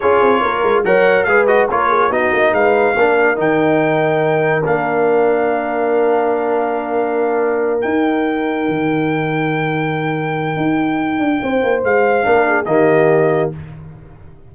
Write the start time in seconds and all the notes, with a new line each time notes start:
0.00 C#4 F4 G#4 C#5
0.21 C4
0.41 A#3 A#4
0.62 G#3
0.84 F#3 A#4 C#5 F#5
1.24 G#3 G#4 B4 F5
1.46 F#4 D#5
1.69 A#3 F4 A#4 C#5
1.89 G#4
2.10 B3 D#4 F#4 D#5
2.32 A#3
2.52 G#3 B4 F5
2.96 A#3 D4 A#4
3.35 D#3 D#4 G5
4.64 A#3 D4 F5
7.80 D#4 G5
8.68 D#3
10.56 D#4
11.19 D4
11.42 C4 C5
11.62 A#3
11.83 G#3 F5
12.22 A#3 D4 A#4
12.48 G#4
12.65 D#3 A#3 G4 D#5